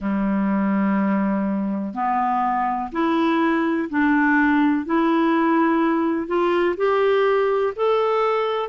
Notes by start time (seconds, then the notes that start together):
0.00 G3
1.94 B3
2.92 E4
3.89 D4
4.85 E4
6.27 F4
6.77 G4
7.76 A4